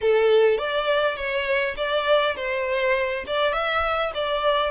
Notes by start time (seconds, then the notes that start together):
0.01 A4
0.58 D5
1.16 C#5
1.76 D5
2.36 C5
3.26 D5
3.52 E5
4.14 D5